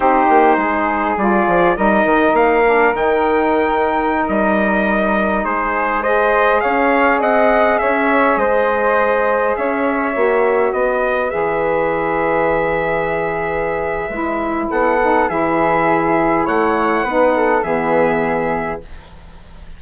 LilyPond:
<<
  \new Staff \with { instrumentName = "trumpet" } { \time 4/4 \tempo 4 = 102 c''2 d''4 dis''4 | f''4 g''2~ g''16 dis''8.~ | dis''4~ dis''16 c''4 dis''4 f''8.~ | f''16 fis''4 e''4 dis''4.~ dis''16~ |
dis''16 e''2 dis''4 e''8.~ | e''1~ | e''4 fis''4 e''2 | fis''2 e''2 | }
  \new Staff \with { instrumentName = "flute" } { \time 4/4 g'4 gis'2 ais'4~ | ais'1~ | ais'4~ ais'16 gis'4 c''4 cis''8.~ | cis''16 dis''4 cis''4 c''4.~ c''16~ |
c''16 cis''2 b'4.~ b'16~ | b'1~ | b'4 a'4 gis'2 | cis''4 b'8 a'8 gis'2 | }
  \new Staff \with { instrumentName = "saxophone" } { \time 4/4 dis'2 f'4 dis'4~ | dis'8 d'8 dis'2.~ | dis'2~ dis'16 gis'4.~ gis'16~ | gis'1~ |
gis'4~ gis'16 fis'2 gis'8.~ | gis'1 | e'4. dis'8 e'2~ | e'4 dis'4 b2 | }
  \new Staff \with { instrumentName = "bassoon" } { \time 4/4 c'8 ais8 gis4 g8 f8 g8 dis8 | ais4 dis2~ dis16 g8.~ | g4~ g16 gis2 cis'8.~ | cis'16 c'4 cis'4 gis4.~ gis16~ |
gis16 cis'4 ais4 b4 e8.~ | e1 | gis4 b4 e2 | a4 b4 e2 | }
>>